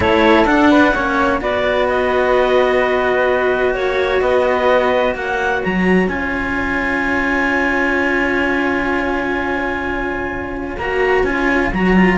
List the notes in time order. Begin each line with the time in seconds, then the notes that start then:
0.00 A3 E4 A4 C#5
0.44 D4 F#5
0.69 B4
0.94 A#3 C#4 C#5
1.40 B3 F#4 B4 D5
1.88 D#5
3.74 A#3 C#5
4.21 B3 B4 D#5
5.14 A#3 C#5 F#5
5.63 F#3 A#5
6.07 C#4 F4 G#5
10.77 A#3 F#4 A#5
11.23 C#4 F4 G#5
11.72 F#3 F#4 A#5
11.96 F4